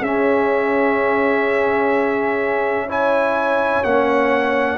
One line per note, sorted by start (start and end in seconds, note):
0.00 3.82 C#4
0.00 2.89 C#4
0.00 2.86 G#4
0.00 2.89 E5
2.87 3.85 E4
2.87 4.78 C#5
2.87 3.84 G#5
3.84 4.78 A#3
3.84 4.78 C#4
3.84 4.78 F#5